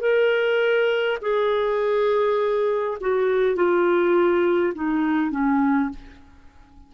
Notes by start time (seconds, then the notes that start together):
0.00 A#4
1.21 G#4
3.01 F#4
3.56 F4
4.74 D#4
5.30 C#4